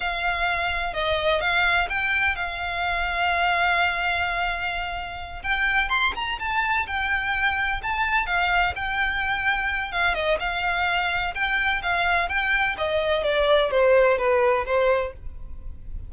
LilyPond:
\new Staff \with { instrumentName = "violin" } { \time 4/4 \tempo 4 = 127 f''2 dis''4 f''4 | g''4 f''2.~ | f''2.~ f''8 g''8~ | g''8 c'''8 ais''8 a''4 g''4.~ |
g''8 a''4 f''4 g''4.~ | g''4 f''8 dis''8 f''2 | g''4 f''4 g''4 dis''4 | d''4 c''4 b'4 c''4 | }